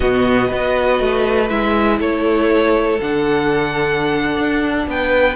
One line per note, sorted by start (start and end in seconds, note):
0.00 0.51 B2
0.00 0.47 B3
0.00 0.47 F#4
0.00 1.49 D#5
0.47 1.00 B3
0.47 1.47 F#4
0.47 1.97 B4
1.00 1.50 A3
1.48 1.99 G#3
1.48 2.98 E4
1.48 1.99 E5
1.99 2.99 A3
1.99 4.86 A4
1.99 3.00 C#5
3.00 4.37 D3
3.00 5.35 D4
3.00 4.88 F#5
4.37 4.87 D4
4.87 5.35 B3
4.87 5.35 B4
4.87 5.35 G5